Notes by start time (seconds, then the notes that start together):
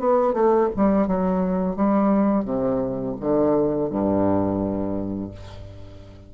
0.00 B3
0.34 A3
0.77 G3
1.07 F#3
1.76 G3
2.45 C3
3.21 D3
3.90 G2